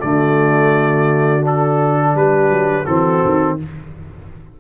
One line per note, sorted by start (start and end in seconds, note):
0.00 2.15 D3
0.00 1.42 A3
0.00 2.14 F#4
0.00 1.44 D5
1.42 2.85 D4
1.42 2.17 A4
2.15 2.50 G3
2.15 2.85 G4
2.15 2.86 B4
2.50 2.85 F#3
2.85 3.22 E3
2.85 3.59 C4
2.85 3.57 F#4
2.85 3.57 A4
3.25 3.60 D#3